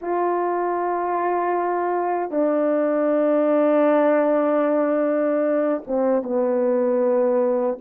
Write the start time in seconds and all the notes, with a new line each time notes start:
0.01 F4
2.30 D4
5.87 C4
6.22 B3